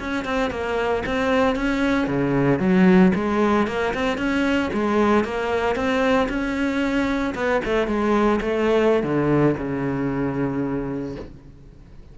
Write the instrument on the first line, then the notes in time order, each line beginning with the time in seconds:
cello
0.00 C#4
0.25 C4
0.51 A#3
1.06 C4
1.56 C#4
2.08 C#3
2.60 F#3
3.15 G#3
3.68 A#3
3.94 C4
4.18 C#4
4.74 G#3
5.25 A#3
5.76 C4
6.29 C#4
7.35 B3
7.65 A3
7.88 G#3
8.41 A3
9.04 D3
9.58 C#3